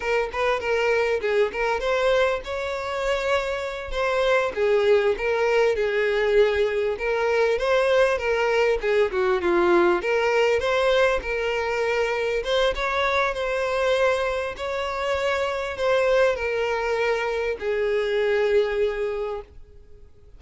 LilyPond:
\new Staff \with { instrumentName = "violin" } { \time 4/4 \tempo 4 = 99 ais'8 b'8 ais'4 gis'8 ais'8 c''4 | cis''2~ cis''8 c''4 gis'8~ | gis'8 ais'4 gis'2 ais'8~ | ais'8 c''4 ais'4 gis'8 fis'8 f'8~ |
f'8 ais'4 c''4 ais'4.~ | ais'8 c''8 cis''4 c''2 | cis''2 c''4 ais'4~ | ais'4 gis'2. | }